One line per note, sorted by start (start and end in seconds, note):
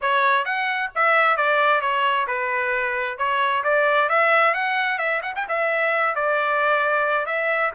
0.01 0.45 C#5
0.45 0.90 F#5
0.95 1.37 E5
1.37 1.81 D5
1.81 2.26 C#5
2.27 3.17 B4
3.17 3.63 C#5
3.63 4.09 D5
4.09 4.53 E5
4.53 4.98 F#5
4.98 5.21 E5
5.22 5.33 F#5
5.35 5.46 G5
5.48 6.15 E5
6.15 7.25 D5
7.25 7.71 E5